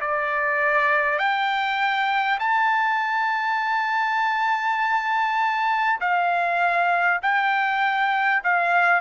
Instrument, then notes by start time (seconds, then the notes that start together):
trumpet
0.00 D5
1.18 G5
2.39 A5
6.00 F5
7.22 G5
8.43 F5